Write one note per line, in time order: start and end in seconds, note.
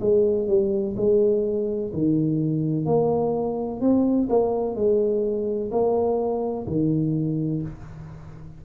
0.00 0.48 G#3
0.48 0.95 G3
0.97 1.92 G#3
1.93 2.86 D#3
2.86 3.81 A#3
3.81 4.29 C4
4.29 4.75 A#3
4.75 5.71 G#3
5.71 6.67 A#3
6.67 7.62 D#3